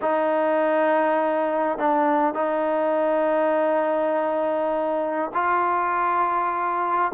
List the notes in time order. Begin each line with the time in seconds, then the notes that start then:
0.01 D#4
1.78 D4
2.34 D#4
5.34 F4